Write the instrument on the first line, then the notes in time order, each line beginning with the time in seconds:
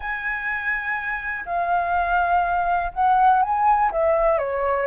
flute
0.00 G#5
1.45 F5
2.93 F#5
3.42 G#5
3.91 E5
4.38 C#5